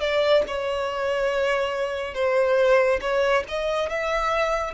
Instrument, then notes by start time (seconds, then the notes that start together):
violin
0.00 D5
0.48 C#5
2.14 C5
3.01 C#5
3.48 D#5
3.90 E5